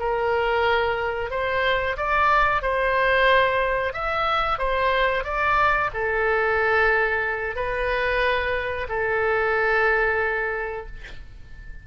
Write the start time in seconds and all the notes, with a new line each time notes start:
0.00 A#4
1.30 C5
1.97 D5
2.62 C5
3.93 E5
4.59 C5
5.24 D5
5.94 A4
7.56 B4
8.89 A4